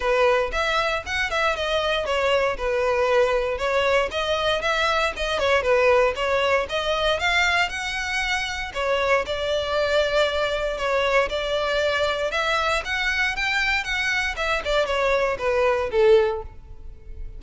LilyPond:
\new Staff \with { instrumentName = "violin" } { \time 4/4 \tempo 4 = 117 b'4 e''4 fis''8 e''8 dis''4 | cis''4 b'2 cis''4 | dis''4 e''4 dis''8 cis''8 b'4 | cis''4 dis''4 f''4 fis''4~ |
fis''4 cis''4 d''2~ | d''4 cis''4 d''2 | e''4 fis''4 g''4 fis''4 | e''8 d''8 cis''4 b'4 a'4 | }